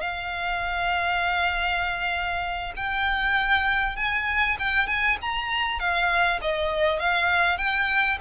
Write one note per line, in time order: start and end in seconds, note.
0.00 2.73 F5
2.76 3.96 G5
3.96 4.56 G#5
4.59 4.87 G5
4.87 5.17 G#5
5.21 5.79 A#5
5.79 6.39 F5
6.41 6.99 D#5
6.99 7.57 F5
7.57 8.18 G5